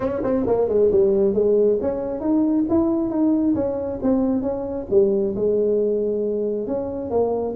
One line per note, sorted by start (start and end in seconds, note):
0.00 0.21 C#4
0.23 0.45 C4
0.46 0.68 A#3
0.68 0.90 G#3
0.91 1.34 G3
1.34 1.78 G#3
1.81 2.20 C#4
2.20 2.64 D#4
2.69 3.10 E4
3.10 3.54 D#4
3.54 3.99 C#4
4.02 4.42 C4
4.42 4.86 C#4
4.90 5.35 G3
5.35 6.67 G#3
6.67 7.10 C#4
7.10 7.54 A#3